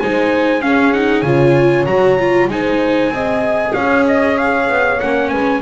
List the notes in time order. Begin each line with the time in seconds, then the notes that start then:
0.00 G#3 D#4 C5 G#5
0.61 C#4 G#4 F5
0.93 D#4 F#5
1.22 C#3 F4 C#5 G#5
1.86 F#3 F#4 A#5
2.20 F4
2.48 G#3 D#4 C5 G#5
3.10 C4 G#4 D#5
3.73 C#4 C#5 F5
4.08 D#5
4.38 F5
4.70 B3
5.01 A#3 C#4 F#5
5.30 G#3 B4 G#5